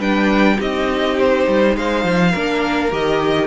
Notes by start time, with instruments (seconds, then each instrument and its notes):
0.00 cello G3, viola D4, violin B4 G5
0.57 cello C4, viola D#4, violin G4 D#5
1.19 violin C5
1.48 cello G3
1.76 cello G#3, violin C5 F5
2.04 cello F3
2.32 cello A#3, viola D4, violin A#4
2.91 cello D#3, viola G4, violin D#5